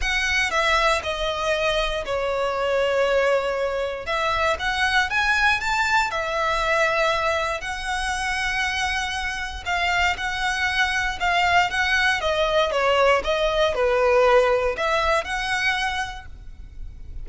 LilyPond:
\new Staff \with { instrumentName = "violin" } { \time 4/4 \tempo 4 = 118 fis''4 e''4 dis''2 | cis''1 | e''4 fis''4 gis''4 a''4 | e''2. fis''4~ |
fis''2. f''4 | fis''2 f''4 fis''4 | dis''4 cis''4 dis''4 b'4~ | b'4 e''4 fis''2 | }